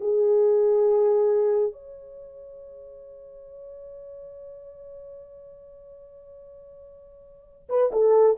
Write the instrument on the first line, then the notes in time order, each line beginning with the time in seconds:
horn
0.00 G#4
1.72 C#5
7.69 B4
7.92 A4